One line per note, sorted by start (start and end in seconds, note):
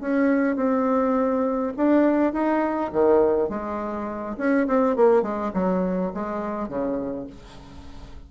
0.00 0.56 C#4
0.56 1.72 C4
1.76 2.32 D4
2.32 2.91 D#4
2.92 3.49 D#3
3.49 4.36 G#3
4.37 4.67 C#4
4.67 4.96 C4
4.96 5.22 A#3
5.22 5.51 G#3
5.53 6.12 F#3
6.14 6.68 G#3
6.68 7.26 C#3